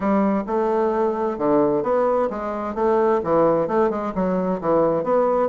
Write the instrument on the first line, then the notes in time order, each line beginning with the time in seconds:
bassoon
0.00 G3
0.47 A3
1.37 D3
1.82 B3
2.29 G#3
2.75 A3
3.23 E3
3.67 A3
3.89 G#3
4.14 F#3
4.61 E3
5.03 B3